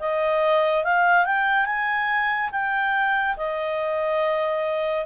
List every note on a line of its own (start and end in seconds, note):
0.00 0.85 D#5
0.85 1.26 F5
1.26 1.66 G5
1.66 2.50 G#5
2.52 3.36 G5
3.37 5.06 D#5